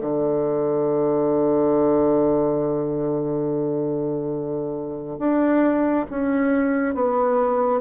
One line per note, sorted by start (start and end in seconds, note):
0.00 5.18 D3
5.18 6.05 D4
6.10 6.94 C#4
6.94 7.80 B3